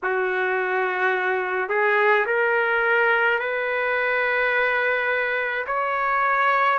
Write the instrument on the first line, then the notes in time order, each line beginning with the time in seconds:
trumpet
0.03 F#4
1.69 G#4
2.26 A#4
3.39 B4
5.66 C#5